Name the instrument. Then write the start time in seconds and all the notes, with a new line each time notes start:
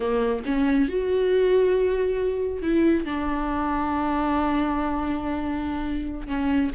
viola
0.00 A#3
0.45 C#4
0.88 F#4
2.61 E4
3.05 D4
6.27 C#4